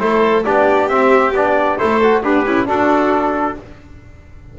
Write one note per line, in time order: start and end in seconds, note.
0.00 0.45 A3
0.00 0.45 E4
0.00 0.46 A4
0.00 0.45 C5
0.45 0.93 B3
0.45 0.89 D4
0.45 1.78 G4
0.45 0.89 D5
0.89 1.34 C4
0.89 1.32 C4
0.89 1.34 E5
1.32 1.77 B3
1.32 1.79 D4
1.32 1.79 D5
1.78 2.26 A3
1.78 2.01 E4
1.78 2.23 A4
1.78 2.23 C5
2.04 2.24 F#4
2.23 2.46 B3
2.23 2.46 D4
2.23 2.66 G4
2.23 2.69 B4
2.46 2.68 C#4
2.46 2.68 E4
2.66 3.55 D4
2.66 3.58 D4
2.66 3.58 F#4
2.66 3.59 A4